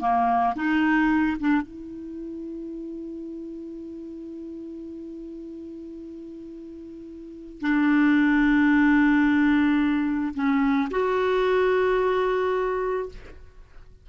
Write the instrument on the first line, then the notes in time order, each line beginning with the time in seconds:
clarinet
0.00 A#3
0.56 D#4
1.40 D4
1.62 E4
7.61 D4
10.34 C#4
10.91 F#4